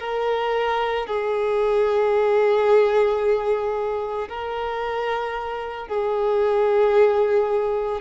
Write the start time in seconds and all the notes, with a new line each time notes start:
0.00 A#4
1.07 G#4
4.29 A#4
5.88 G#4